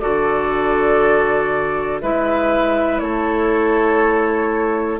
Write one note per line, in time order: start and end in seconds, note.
0.00 2.02 D3
0.00 2.01 F#4
0.00 2.02 A4
0.00 2.00 D5
2.02 3.01 G#3
2.02 5.00 E4
2.02 3.02 B4
2.02 2.98 E5
2.98 5.00 A3
2.98 5.00 A4
2.98 4.98 C#5